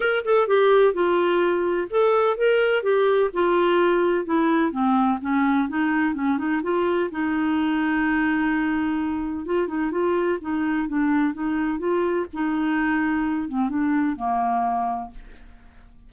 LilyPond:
\new Staff \with { instrumentName = "clarinet" } { \time 4/4 \tempo 4 = 127 ais'8 a'8 g'4 f'2 | a'4 ais'4 g'4 f'4~ | f'4 e'4 c'4 cis'4 | dis'4 cis'8 dis'8 f'4 dis'4~ |
dis'1 | f'8 dis'8 f'4 dis'4 d'4 | dis'4 f'4 dis'2~ | dis'8 c'8 d'4 ais2 | }